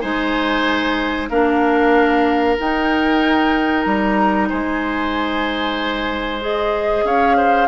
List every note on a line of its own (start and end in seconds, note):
0.00 1.30 G#3
0.00 1.29 D#4
0.00 1.29 C5
0.00 1.28 G#5
1.29 2.57 A#3
1.29 2.58 D4
1.29 4.49 A#4
1.29 2.57 F5
2.58 6.41 D#4
2.58 3.86 D#4
2.58 3.82 G5
3.82 4.49 G3
3.82 4.46 A#5
4.49 7.03 G#3
4.49 7.05 C5
4.49 6.41 G#5
6.41 7.68 G#4
6.41 7.06 D#5
7.03 7.67 C#4
7.03 7.36 C#5
7.03 7.68 F5
7.36 7.68 C5